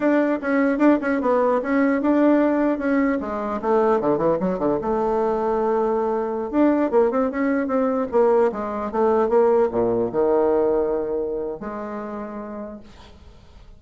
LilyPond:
\new Staff \with { instrumentName = "bassoon" } { \time 4/4 \tempo 4 = 150 d'4 cis'4 d'8 cis'8 b4 | cis'4 d'2 cis'4 | gis4 a4 d8 e8 fis8 d8 | a1~ |
a16 d'4 ais8 c'8 cis'4 c'8.~ | c'16 ais4 gis4 a4 ais8.~ | ais16 ais,4 dis2~ dis8.~ | dis4 gis2. | }